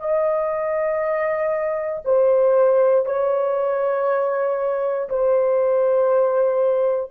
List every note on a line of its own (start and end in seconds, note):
0.00 2.03 D#5
2.05 3.06 C5
3.06 5.09 C#5
5.10 7.11 C5